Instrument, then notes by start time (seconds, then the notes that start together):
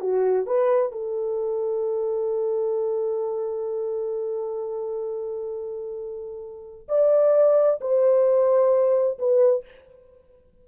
horn
0.00 F#4
0.46 B4
0.92 A4
6.88 D5
7.80 C5
9.18 B4